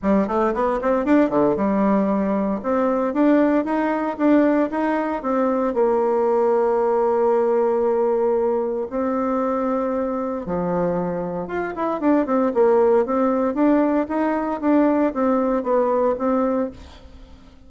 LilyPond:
\new Staff \with { instrumentName = "bassoon" } { \time 4/4 \tempo 4 = 115 g8 a8 b8 c'8 d'8 d8 g4~ | g4 c'4 d'4 dis'4 | d'4 dis'4 c'4 ais4~ | ais1~ |
ais4 c'2. | f2 f'8 e'8 d'8 c'8 | ais4 c'4 d'4 dis'4 | d'4 c'4 b4 c'4 | }